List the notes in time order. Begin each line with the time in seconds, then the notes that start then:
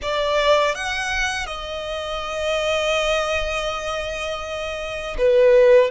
0.02 D5
0.74 F#5
1.46 D#5
5.18 B4